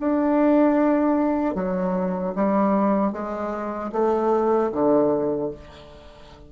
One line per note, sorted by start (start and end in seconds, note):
0.00 1.55 D4
1.55 2.34 F#3
2.36 3.13 G3
3.13 3.92 G#3
3.93 4.72 A3
4.72 5.51 D3